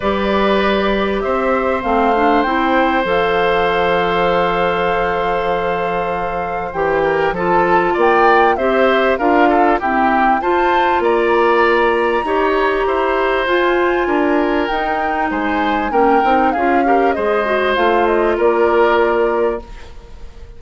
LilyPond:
<<
  \new Staff \with { instrumentName = "flute" } { \time 4/4 \tempo 4 = 98 d''2 e''4 f''4 | g''4 f''2.~ | f''2. g''4 | a''4 g''4 e''4 f''4 |
g''4 a''4 ais''2~ | ais''2 gis''2 | g''4 gis''4 g''4 f''4 | dis''4 f''8 dis''8 d''2 | }
  \new Staff \with { instrumentName = "oboe" } { \time 4/4 b'2 c''2~ | c''1~ | c''2.~ c''8 ais'8 | a'4 d''4 c''4 ais'8 a'8 |
g'4 c''4 d''2 | cis''4 c''2 ais'4~ | ais'4 c''4 ais'4 gis'8 ais'8 | c''2 ais'2 | }
  \new Staff \with { instrumentName = "clarinet" } { \time 4/4 g'2. c'8 d'8 | e'4 a'2.~ | a'2. g'4 | f'2 g'4 f'4 |
c'4 f'2. | g'2 f'2 | dis'2 cis'8 dis'8 f'8 g'8 | gis'8 fis'8 f'2. | }
  \new Staff \with { instrumentName = "bassoon" } { \time 4/4 g2 c'4 a4 | c'4 f2.~ | f2. e4 | f4 ais4 c'4 d'4 |
e'4 f'4 ais2 | dis'4 e'4 f'4 d'4 | dis'4 gis4 ais8 c'8 cis'4 | gis4 a4 ais2 | }
>>